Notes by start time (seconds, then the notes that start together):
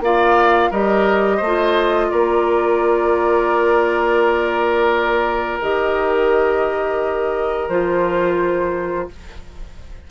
0.00 A#3 F4 D5 F5
0.71 G3 G4 A#4 D#5
1.37 A3 C5
1.46 F4
2.10 A#3 A#4 D5
5.61 D#3 G4 D#5
7.69 F3 F4 C5